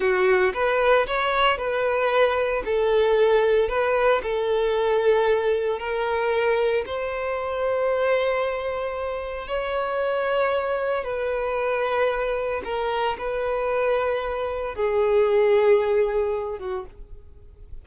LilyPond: \new Staff \with { instrumentName = "violin" } { \time 4/4 \tempo 4 = 114 fis'4 b'4 cis''4 b'4~ | b'4 a'2 b'4 | a'2. ais'4~ | ais'4 c''2.~ |
c''2 cis''2~ | cis''4 b'2. | ais'4 b'2. | gis'2.~ gis'8 fis'8 | }